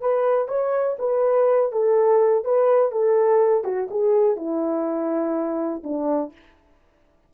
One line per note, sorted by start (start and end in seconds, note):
0.00 0.48 B4
0.48 0.96 C#5
0.98 1.72 B4
1.72 2.44 A4
2.44 2.91 B4
2.91 3.64 A4
3.64 3.88 F#4
3.90 4.36 G#4
4.36 5.82 E4
5.83 6.32 D4